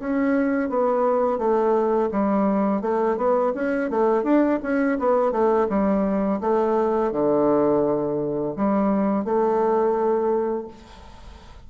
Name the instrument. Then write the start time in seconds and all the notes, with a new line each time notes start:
bassoon
0.00 C#4
0.69 B3
1.38 A3
2.11 G3
2.81 A3
3.17 B3
3.55 C#4
3.90 A3
4.24 D4
4.63 C#4
4.99 B3
5.32 A3
5.69 G3
6.41 A3
7.12 D3
8.56 G3
9.25 A3